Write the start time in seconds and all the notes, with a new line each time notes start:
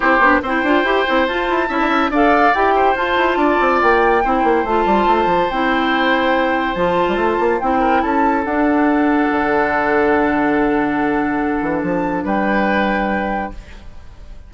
0.00 C4 E4 G4 C5
0.18 B3 D4
0.42 C4 E4 C5 G5
0.63 D4 F4
0.83 E4 G4
1.06 C4 E4
1.26 F4 A5
1.49 E4
1.68 C#4 E4 E5
1.81 D4
1.88 C#4
2.09 D4 A4 D5 F5
2.53 E4 G4 G5
2.75 C5
2.95 F4 A5
3.16 E4
3.36 D4 D5
3.60 C4
3.81 A#3 G5
4.23 C4 E4 C5
4.43 A#3
4.63 A3 F4 A5
4.85 G3
5.06 A3
5.25 F3
5.50 C4 E4 G5
6.74 F3 F4 A5
7.08 G3
7.15 A3
7.39 A#3
7.60 C4 E4 G5
7.80 A#4
8.01 C#4 A4 A5
8.44 D4 F#5
9.31 D3
11.61 E3
11.81 F3 A5
12.24 G3 B4 G5